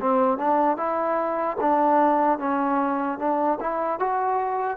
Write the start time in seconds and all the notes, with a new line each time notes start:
0.00 C4
0.38 D4
0.77 E4
1.60 D4
2.39 C#4
3.19 D4
3.60 E4
3.99 F#4